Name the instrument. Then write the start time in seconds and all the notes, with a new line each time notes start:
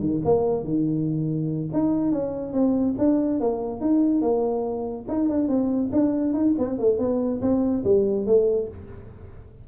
tuba
0.00 D#3
0.25 A#3
0.64 D#3
1.73 D#4
2.12 C#4
2.53 C4
2.98 D4
3.41 A#3
3.81 D#4
4.21 A#3
5.08 D#4
5.29 D4
5.48 C4
5.92 D4
6.33 D#4
6.58 C4
6.79 A3
6.99 B3
7.41 C4
7.84 G3
8.26 A3